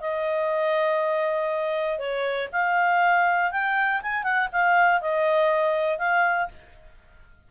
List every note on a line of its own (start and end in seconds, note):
0.00 1.98 D#5
1.98 2.48 C#5
2.52 3.52 F5
3.52 4.02 G5
4.02 4.23 G#5
4.23 4.48 F#5
4.52 5.01 F5
5.01 5.98 D#5
5.98 6.48 F5